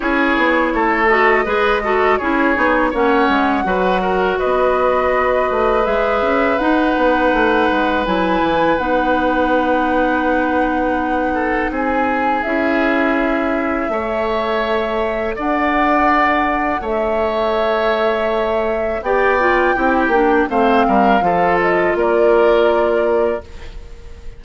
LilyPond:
<<
  \new Staff \with { instrumentName = "flute" } { \time 4/4 \tempo 4 = 82 cis''4. dis''4. cis''4 | fis''2 dis''2 | e''4 fis''2 gis''4 | fis''1 |
gis''4 e''2.~ | e''4 fis''2 e''4~ | e''2 g''2 | f''4. dis''8 d''2 | }
  \new Staff \with { instrumentName = "oboe" } { \time 4/4 gis'4 a'4 b'8 a'8 gis'4 | cis''4 b'8 ais'8 b'2~ | b'1~ | b'2.~ b'8 a'8 |
gis'2. cis''4~ | cis''4 d''2 cis''4~ | cis''2 d''4 g'4 | c''8 ais'8 a'4 ais'2 | }
  \new Staff \with { instrumentName = "clarinet" } { \time 4/4 e'4. fis'8 gis'8 fis'8 e'8 dis'8 | cis'4 fis'2. | gis'4 dis'2 e'4 | dis'1~ |
dis'4 e'2 a'4~ | a'1~ | a'2 g'8 f'8 e'8 d'8 | c'4 f'2. | }
  \new Staff \with { instrumentName = "bassoon" } { \time 4/4 cis'8 b8 a4 gis4 cis'8 b8 | ais8 gis8 fis4 b4. a8 | gis8 cis'8 dis'8 b8 a8 gis8 fis8 e8 | b1 |
c'4 cis'2 a4~ | a4 d'2 a4~ | a2 b4 c'8 ais8 | a8 g8 f4 ais2 | }
>>